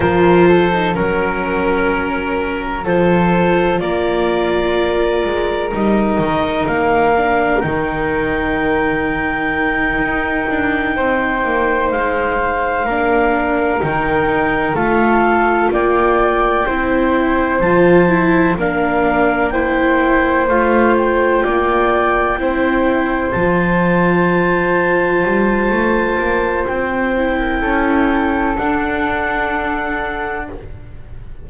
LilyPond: <<
  \new Staff \with { instrumentName = "clarinet" } { \time 4/4 \tempo 4 = 63 c''4 ais'2 c''4 | d''2 dis''4 f''4 | g''1~ | g''8 f''2 g''4 f''8~ |
f''8 g''2 a''4 f''8~ | f''8 g''4 f''8 g''2~ | g''8 a''2.~ a''8 | g''2 fis''2 | }
  \new Staff \with { instrumentName = "flute" } { \time 4/4 ais'8 a'8 ais'2 a'4 | ais'1~ | ais'2.~ ais'8 c''8~ | c''4. ais'2 a'8~ |
a'8 d''4 c''2 ais'8~ | ais'8 c''2 d''4 c''8~ | c''1~ | c''8. ais'16 a'2. | }
  \new Staff \with { instrumentName = "viola" } { \time 4/4 f'8. dis'16 cis'2 f'4~ | f'2 dis'4. d'8 | dis'1~ | dis'4. d'4 dis'4 f'8~ |
f'4. e'4 f'8 e'8 d'8~ | d'8 e'4 f'2 e'8~ | e'8 f'2.~ f'8~ | f'8 e'4. d'2 | }
  \new Staff \with { instrumentName = "double bass" } { \time 4/4 f4 fis2 f4 | ais4. gis8 g8 dis8 ais4 | dis2~ dis8 dis'8 d'8 c'8 | ais8 gis4 ais4 dis4 a8~ |
a8 ais4 c'4 f4 ais8~ | ais4. a4 ais4 c'8~ | c'8 f2 g8 a8 ais8 | c'4 cis'4 d'2 | }
>>